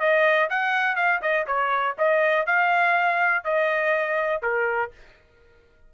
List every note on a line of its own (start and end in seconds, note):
0.00 0.49 D#5
0.50 0.96 F#5
0.96 1.21 F5
1.22 1.47 D#5
1.47 1.96 C#5
1.99 2.47 D#5
2.47 3.45 F5
3.45 4.43 D#5
4.43 4.92 A#4